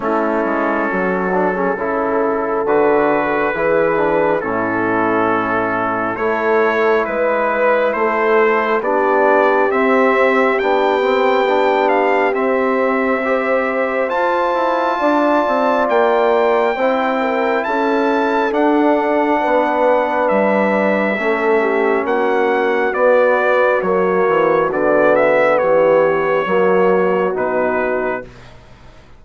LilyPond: <<
  \new Staff \with { instrumentName = "trumpet" } { \time 4/4 \tempo 4 = 68 a'2. b'4~ | b'4 a'2 cis''4 | b'4 c''4 d''4 e''4 | g''4. f''8 e''2 |
a''2 g''2 | a''4 fis''2 e''4~ | e''4 fis''4 d''4 cis''4 | d''8 e''8 cis''2 b'4 | }
  \new Staff \with { instrumentName = "horn" } { \time 4/4 e'4 fis'8. gis'16 a'2 | gis'4 e'2 a'4 | b'4 a'4 g'2~ | g'2. c''4~ |
c''4 d''2 c''8 ais'8 | a'2 b'2 | a'8 g'8 fis'2.~ | fis'4 g'4 fis'2 | }
  \new Staff \with { instrumentName = "trombone" } { \time 4/4 cis'4. d'16 cis'16 e'4 fis'4 | e'8 d'8 cis'2 e'4~ | e'2 d'4 c'4 | d'8 c'8 d'4 c'4 g'4 |
f'2. e'4~ | e'4 d'2. | cis'2 b4 ais4 | b2 ais4 dis'4 | }
  \new Staff \with { instrumentName = "bassoon" } { \time 4/4 a8 gis8 fis4 cis4 d4 | e4 a,2 a4 | gis4 a4 b4 c'4 | b2 c'2 |
f'8 e'8 d'8 c'8 ais4 c'4 | cis'4 d'4 b4 g4 | a4 ais4 b4 fis8 e8 | d4 e4 fis4 b,4 | }
>>